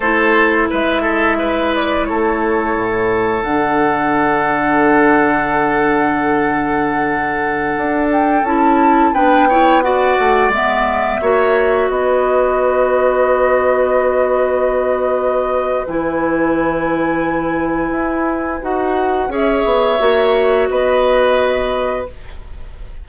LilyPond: <<
  \new Staff \with { instrumentName = "flute" } { \time 4/4 \tempo 4 = 87 c''4 e''4. d''8 cis''4~ | cis''4 fis''2.~ | fis''2.~ fis''8. g''16~ | g''16 a''4 g''4 fis''4 e''8.~ |
e''4~ e''16 dis''2~ dis''8.~ | dis''2. gis''4~ | gis''2. fis''4 | e''2 dis''2 | }
  \new Staff \with { instrumentName = "oboe" } { \time 4/4 a'4 b'8 a'8 b'4 a'4~ | a'1~ | a'1~ | a'4~ a'16 b'8 cis''8 d''4.~ d''16~ |
d''16 cis''4 b'2~ b'8.~ | b'1~ | b'1 | cis''2 b'2 | }
  \new Staff \with { instrumentName = "clarinet" } { \time 4/4 e'1~ | e'4 d'2.~ | d'1~ | d'16 e'4 d'8 e'8 fis'4 b8.~ |
b16 fis'2.~ fis'8.~ | fis'2. e'4~ | e'2. fis'4 | gis'4 fis'2. | }
  \new Staff \with { instrumentName = "bassoon" } { \time 4/4 a4 gis2 a4 | a,4 d2.~ | d2.~ d16 d'8.~ | d'16 cis'4 b4. a8 gis8.~ |
gis16 ais4 b2~ b8.~ | b2. e4~ | e2 e'4 dis'4 | cis'8 b8 ais4 b2 | }
>>